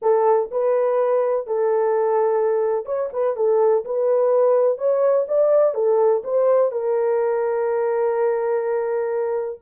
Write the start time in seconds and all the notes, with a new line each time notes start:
0.01 A4
0.51 B4
1.46 A4
2.85 C#5
3.12 B4
3.36 A4
3.84 B4
4.78 C#5
5.28 D5
5.74 A4
6.24 C5
6.71 A#4